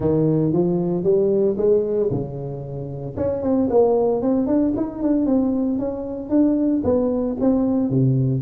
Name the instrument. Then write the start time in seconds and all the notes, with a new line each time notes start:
tuba
0.00 D#3
0.52 F3
1.03 G3
1.57 G#3
2.11 C#3
3.16 C#4
3.42 C4
3.70 A#3
4.21 C4
4.46 D4
4.76 D#4
5.02 D4
5.26 C4
5.78 C#4
6.29 D4
6.84 B3
7.40 C4
7.89 C3